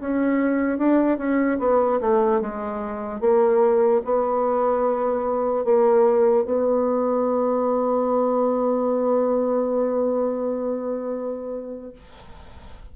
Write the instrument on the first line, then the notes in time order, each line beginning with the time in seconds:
bassoon
0.00 C#4
0.78 D4
1.18 C#4
1.59 B3
2.00 A3
2.41 G#3
3.20 A#3
4.04 B3
5.64 A#3
6.45 B3